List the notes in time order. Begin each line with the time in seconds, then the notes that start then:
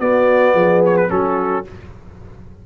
0.00 B3 F#4 D5
0.55 F3 G#4
0.86 C#5
0.97 B4
1.09 F#3 C#4 F#4 A4